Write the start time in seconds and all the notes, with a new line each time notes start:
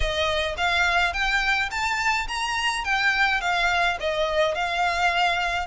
0.00 D#5
0.57 F5
1.13 G5
1.70 A5
2.28 A#5
2.84 G5
3.41 F5
4.00 D#5
4.54 F5